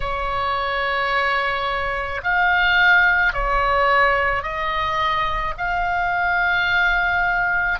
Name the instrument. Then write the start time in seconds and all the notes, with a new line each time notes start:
oboe
0.00 C#5
2.23 F5
3.33 C#5
4.42 D#5
5.57 F5